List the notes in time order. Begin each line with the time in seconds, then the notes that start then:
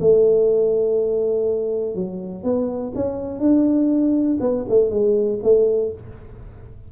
0.00 A3
1.95 F#3
2.43 B3
2.95 C#4
3.39 D4
4.40 B3
4.69 A3
4.90 G#3
5.43 A3